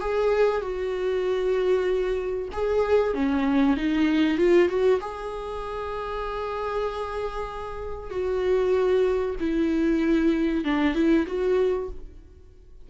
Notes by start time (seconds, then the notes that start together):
0.00 G#4
0.61 F#4
2.52 G#4
3.14 C#4
3.76 D#4
4.37 F4
4.68 F#4
5.01 G#4
8.10 F#4
9.40 E4
10.64 D4
10.94 E4
11.26 F#4